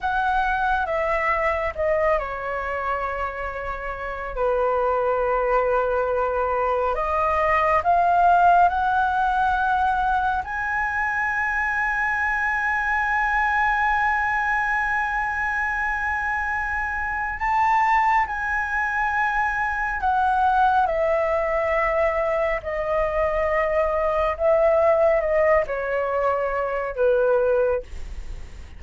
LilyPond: \new Staff \with { instrumentName = "flute" } { \time 4/4 \tempo 4 = 69 fis''4 e''4 dis''8 cis''4.~ | cis''4 b'2. | dis''4 f''4 fis''2 | gis''1~ |
gis''1 | a''4 gis''2 fis''4 | e''2 dis''2 | e''4 dis''8 cis''4. b'4 | }